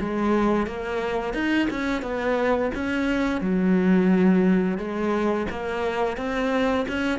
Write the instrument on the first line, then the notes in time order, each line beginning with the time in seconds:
cello
0.00 G#3
0.67 A#3
1.34 D#4
1.70 C#4
2.02 B3
2.75 C#4
3.41 F#3
4.78 G#3
5.50 A#3
6.17 C4
6.88 C#4